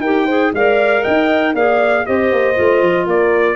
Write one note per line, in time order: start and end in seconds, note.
0.00 0.51 D#4
0.00 0.29 G4
0.00 0.25 A#4
0.00 0.52 G5
0.25 0.54 G#4
0.25 0.51 C5
0.53 1.04 G#3
0.53 1.56 A#4
0.53 1.03 D5
0.53 1.04 F5
1.03 1.54 D#4
1.03 1.54 D#5
1.03 1.55 G5
1.54 2.05 A#3
1.54 2.06 G#4
1.54 2.06 D5
1.54 2.06 F5
2.06 2.32 C4
2.06 2.55 G4
2.06 3.06 C5
2.06 3.08 D#5
2.32 2.58 A#3
2.55 2.82 A3
2.55 3.56 F4
2.82 3.07 F3
3.06 3.56 A#3
3.06 3.56 A#4
3.06 3.56 D5